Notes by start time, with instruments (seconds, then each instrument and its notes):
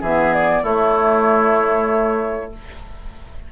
0.00 bassoon E3, clarinet B3, oboe G#4, flute E5
0.33 flute D5
0.62 bassoon A3, clarinet A3, oboe E4, flute C#5